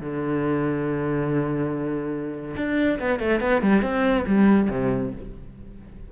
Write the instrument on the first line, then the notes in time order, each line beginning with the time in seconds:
cello
0.00 D3
2.56 D4
2.99 B3
3.19 A3
3.41 B3
3.61 G3
3.82 C4
4.26 G3
4.69 C3